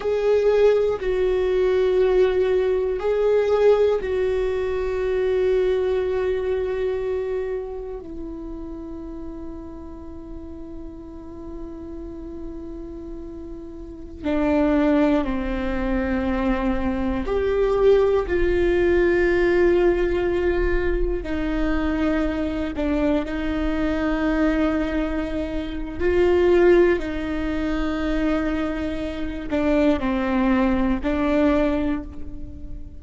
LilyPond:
\new Staff \with { instrumentName = "viola" } { \time 4/4 \tempo 4 = 60 gis'4 fis'2 gis'4 | fis'1 | e'1~ | e'2~ e'16 d'4 c'8.~ |
c'4~ c'16 g'4 f'4.~ f'16~ | f'4~ f'16 dis'4. d'8 dis'8.~ | dis'2 f'4 dis'4~ | dis'4. d'8 c'4 d'4 | }